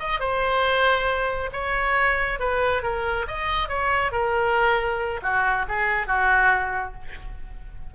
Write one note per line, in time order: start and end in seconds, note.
0.00 0.20 D#5
0.20 1.51 C5
1.53 2.40 C#5
2.40 2.83 B4
2.83 3.26 A#4
3.28 3.69 D#5
3.69 4.12 C#5
4.12 5.21 A#4
5.23 5.66 F#4
5.68 6.07 G#4
6.07 6.94 F#4